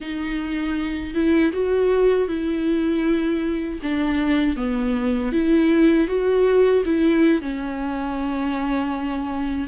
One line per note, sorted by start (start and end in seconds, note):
0.00 1.14 D#4
1.14 1.52 E4
1.52 2.28 F#4
2.28 3.79 E4
3.82 4.56 D4
4.56 5.32 B3
5.32 6.07 E4
6.07 6.83 F#4
6.85 7.41 E4
7.41 9.67 C#4